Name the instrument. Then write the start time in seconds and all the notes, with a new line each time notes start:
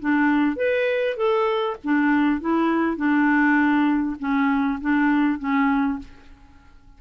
clarinet
0.00 D4
0.57 B4
1.17 A4
1.84 D4
2.41 E4
2.97 D4
4.20 C#4
4.81 D4
5.39 C#4